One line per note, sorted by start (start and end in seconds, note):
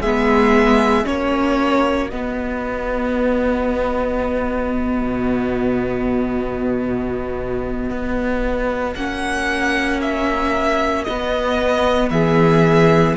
0.00 1.05 G#3
0.00 1.04 B3
0.00 1.05 G#4
0.00 1.06 E5
1.04 2.11 A#3
1.04 2.09 C#4
1.04 12.10 F#4
1.04 2.09 C#5
2.09 5.01 B3
2.09 8.96 B3
2.09 8.93 D#5
5.01 7.90 B2
7.90 8.95 B3
8.95 11.06 A#3
8.95 11.07 C#4
8.95 10.00 F#5
10.01 11.04 E5
11.04 13.16 B3
11.04 12.10 B3
11.04 12.09 D#5
12.10 13.15 E3
12.10 13.16 G#4
12.10 13.15 E5